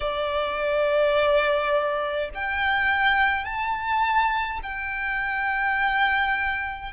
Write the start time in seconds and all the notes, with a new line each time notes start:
0.00 D5
2.34 G5
3.44 A5
4.63 G5